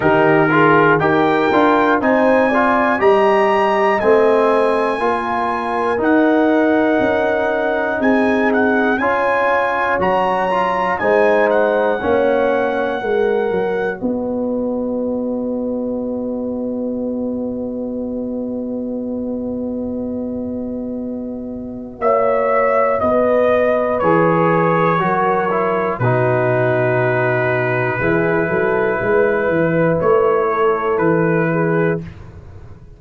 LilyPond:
<<
  \new Staff \with { instrumentName = "trumpet" } { \time 4/4 \tempo 4 = 60 ais'4 g''4 gis''4 ais''4 | gis''2 fis''2 | gis''8 fis''8 gis''4 ais''4 gis''8 fis''8~ | fis''2 dis''2~ |
dis''1~ | dis''2 e''4 dis''4 | cis''2 b'2~ | b'2 cis''4 b'4 | }
  \new Staff \with { instrumentName = "horn" } { \time 4/4 g'8 gis'8 ais'4 c''8 d''8 dis''4~ | dis''4 ais'2. | gis'4 cis''2 c''4 | cis''4 ais'4 b'2~ |
b'1~ | b'2 cis''4 b'4~ | b'4 ais'4 fis'2 | gis'8 a'8 b'4. a'4 gis'8 | }
  \new Staff \with { instrumentName = "trombone" } { \time 4/4 dis'8 f'8 g'8 f'8 dis'8 f'8 g'4 | c'4 f'4 dis'2~ | dis'4 f'4 fis'8 f'8 dis'4 | cis'4 fis'2.~ |
fis'1~ | fis'1 | gis'4 fis'8 e'8 dis'2 | e'1 | }
  \new Staff \with { instrumentName = "tuba" } { \time 4/4 dis4 dis'8 d'8 c'4 g4 | a4 ais4 dis'4 cis'4 | c'4 cis'4 fis4 gis4 | ais4 gis8 fis8 b2~ |
b1~ | b2 ais4 b4 | e4 fis4 b,2 | e8 fis8 gis8 e8 a4 e4 | }
>>